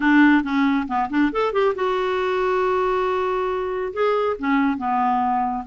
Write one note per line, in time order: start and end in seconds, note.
0.00 0.43 D4
0.43 0.87 C#4
0.87 1.09 B3
1.09 1.31 D4
1.32 1.52 A4
1.52 1.74 G4
1.75 3.92 F#4
3.93 4.36 G#4
4.39 4.77 C#4
4.77 5.64 B3